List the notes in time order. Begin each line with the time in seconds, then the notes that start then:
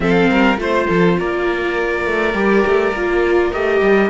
0.00 F3 C4 A4 F5
0.29 G3 A#4
0.56 A3 F4 C5
0.87 F3 A4
1.18 A#3 A#4 D5
2.05 A3
2.34 G3 G4
2.66 A3
2.93 A#3 F4
3.53 A3 G4 D#5
3.81 G3